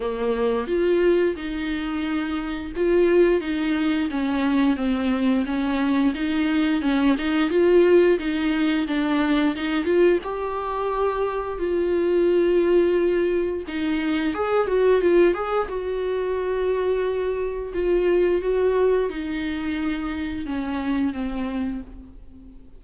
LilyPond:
\new Staff \with { instrumentName = "viola" } { \time 4/4 \tempo 4 = 88 ais4 f'4 dis'2 | f'4 dis'4 cis'4 c'4 | cis'4 dis'4 cis'8 dis'8 f'4 | dis'4 d'4 dis'8 f'8 g'4~ |
g'4 f'2. | dis'4 gis'8 fis'8 f'8 gis'8 fis'4~ | fis'2 f'4 fis'4 | dis'2 cis'4 c'4 | }